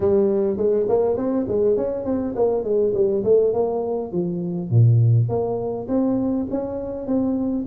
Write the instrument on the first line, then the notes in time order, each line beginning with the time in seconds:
tuba
0.00 G3
0.57 G#3
0.88 A#3
1.16 C4
1.48 G#3
1.76 C#4
2.05 C4
2.35 A#3
2.63 G#3
2.94 G3
3.24 A3
3.53 A#3
4.12 F3
4.70 A#2
5.28 A#3
5.88 C4
6.50 C#4
7.06 C4